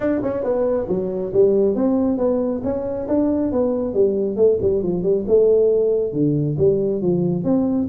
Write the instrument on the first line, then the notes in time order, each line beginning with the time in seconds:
tuba
0.00 D4
0.22 C#4
0.43 B3
0.88 F#3
1.33 G3
1.75 C4
2.17 B3
2.63 C#4
3.08 D4
3.52 B3
3.94 G3
4.36 A3
4.61 G3
4.82 F3
5.02 G3
5.27 A3
6.12 D3
6.58 G3
7.01 F3
7.44 C4